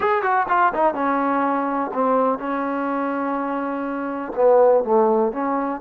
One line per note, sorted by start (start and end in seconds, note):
0.00 0.22 G#4
0.22 0.46 F#4
0.48 0.72 F4
0.74 0.94 D#4
0.94 1.90 C#4
1.93 2.38 C4
2.38 4.32 C#4
4.35 4.84 B3
4.84 5.32 A3
5.32 5.80 C#4